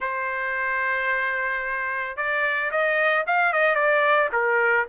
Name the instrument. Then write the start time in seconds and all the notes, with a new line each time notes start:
trumpet
0.00 C5
2.16 D5
2.71 D#5
3.26 F5
3.52 D#5
3.75 D5
4.32 A#4